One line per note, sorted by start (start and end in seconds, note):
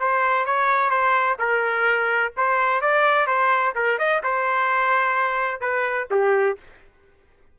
0.00 0.46 C5
0.46 0.91 C#5
0.91 1.37 C5
1.39 2.33 A#4
2.37 2.81 C5
2.81 3.27 D5
3.27 3.74 C5
3.76 3.99 A#4
3.99 4.22 D#5
4.24 5.61 C5
5.61 6.08 B4
6.11 6.58 G4